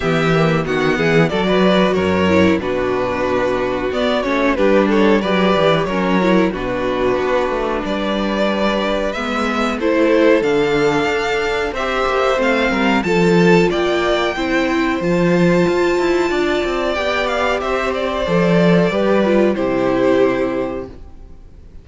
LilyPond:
<<
  \new Staff \with { instrumentName = "violin" } { \time 4/4 \tempo 4 = 92 e''4 fis''4 d''4 cis''4 | b'2 d''8 cis''8 b'8 cis''8 | d''4 cis''4 b'2 | d''2 e''4 c''4 |
f''2 e''4 f''4 | a''4 g''2 a''4~ | a''2 g''8 f''8 e''8 d''8~ | d''2 c''2 | }
  \new Staff \with { instrumentName = "violin" } { \time 4/4 g'4 fis'8 gis'8 a'16 b'8. ais'4 | fis'2. g'8 a'8 | b'4 ais'4 fis'2 | b'2. a'4~ |
a'2 c''4. ais'8 | a'4 d''4 c''2~ | c''4 d''2 c''4~ | c''4 b'4 g'2 | }
  \new Staff \with { instrumentName = "viola" } { \time 4/4 b8 ais8 b4 fis'4. e'8 | d'2 b8 cis'8 d'4 | g'4 cis'8 e'8 d'2~ | d'2 b4 e'4 |
d'2 g'4 c'4 | f'2 e'4 f'4~ | f'2 g'2 | a'4 g'8 f'8 e'2 | }
  \new Staff \with { instrumentName = "cello" } { \time 4/4 e4 dis8 e8 fis4 fis,4 | b,2 b8 a8 g4 | fis8 e8 fis4 b,4 b8 a8 | g2 gis4 a4 |
d4 d'4 c'8 ais8 a8 g8 | f4 ais4 c'4 f4 | f'8 e'8 d'8 c'8 b4 c'4 | f4 g4 c2 | }
>>